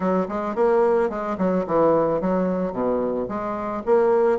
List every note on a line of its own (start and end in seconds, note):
0.00 0.27 F#3
0.28 0.55 G#3
0.55 1.09 A#3
1.09 1.37 G#3
1.38 1.65 F#3
1.66 2.20 E3
2.20 2.72 F#3
2.72 3.27 B2
3.28 3.83 G#3
3.85 4.39 A#3